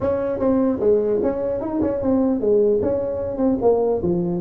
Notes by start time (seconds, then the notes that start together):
0.00 C#4
0.39 C4
0.80 G#3
1.22 C#4
1.60 D#4
1.81 C#4
2.01 C4
2.40 G#3
2.82 C#4
3.37 C4
3.61 A#3
4.02 F3